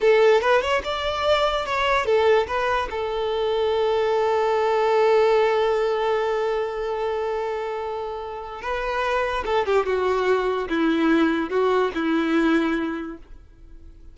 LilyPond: \new Staff \with { instrumentName = "violin" } { \time 4/4 \tempo 4 = 146 a'4 b'8 cis''8 d''2 | cis''4 a'4 b'4 a'4~ | a'1~ | a'1~ |
a'1~ | a'4 b'2 a'8 g'8 | fis'2 e'2 | fis'4 e'2. | }